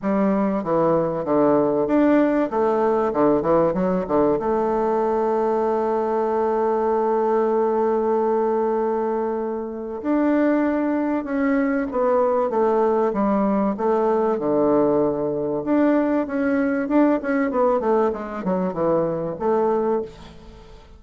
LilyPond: \new Staff \with { instrumentName = "bassoon" } { \time 4/4 \tempo 4 = 96 g4 e4 d4 d'4 | a4 d8 e8 fis8 d8 a4~ | a1~ | a1 |
d'2 cis'4 b4 | a4 g4 a4 d4~ | d4 d'4 cis'4 d'8 cis'8 | b8 a8 gis8 fis8 e4 a4 | }